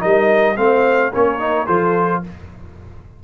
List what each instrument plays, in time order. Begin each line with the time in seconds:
0.00 tuba G3, trombone D#4, horn A#4, trumpet D#5
0.56 tuba A3, trombone C4, horn C5, trumpet F5
1.13 tuba A#3, trombone C#4, horn A#4, trumpet C#5
1.39 trombone D#4
1.67 tuba F3, trombone F4, horn A4, trumpet C5